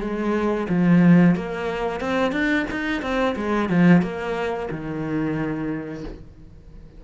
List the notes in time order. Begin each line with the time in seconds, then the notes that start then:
0.00 G#3
0.69 F3
1.35 A#3
2.00 C4
2.32 D4
2.70 D#4
3.02 C4
3.36 G#3
3.69 F3
4.02 A#3
4.71 D#3